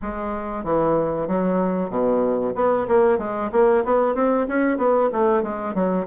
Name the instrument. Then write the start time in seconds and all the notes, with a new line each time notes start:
bassoon
0.02 G#3
0.64 E3
1.27 F#3
1.89 B2
2.55 B3
2.88 A#3
3.18 G#3
3.52 A#3
3.84 B3
4.14 C4
4.47 C#4
4.77 B3
5.12 A3
5.43 G#3
5.74 F#3